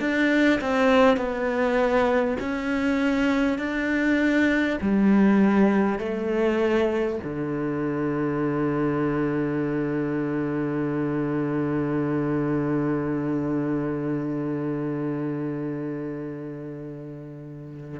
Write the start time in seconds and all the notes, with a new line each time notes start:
0.00 D4
0.61 C4
1.17 B3
2.40 C#4
3.58 D4
4.81 G3
5.99 A3
7.24 D3